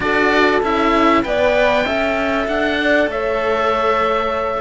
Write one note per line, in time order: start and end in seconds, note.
0.00 0.61 D4
0.00 0.62 F#4
0.00 1.25 A4
0.00 0.61 D5
0.62 1.24 C#4
0.62 1.22 E4
0.62 1.23 E5
1.22 1.85 B3
1.22 1.84 B4
1.22 1.85 D5
1.22 2.47 G5
1.85 2.47 C#4
1.85 4.60 A4
1.85 2.78 E5
2.47 3.07 D4
2.47 3.09 F#5
2.81 3.11 D5
3.07 4.60 A3
3.07 4.60 C#5
3.07 4.60 E5